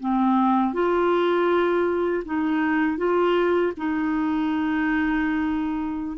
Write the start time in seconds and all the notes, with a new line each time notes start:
0.00 C4
0.74 F4
2.25 D#4
2.98 F4
3.77 D#4